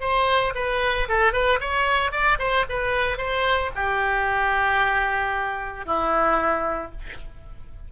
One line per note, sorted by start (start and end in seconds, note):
0.00 0.53 C5
0.55 1.08 B4
1.08 1.33 A4
1.33 1.59 B4
1.60 2.11 C#5
2.11 2.38 D5
2.38 2.65 C5
2.69 3.17 B4
3.17 3.70 C5
3.75 5.85 G4
5.85 6.91 E4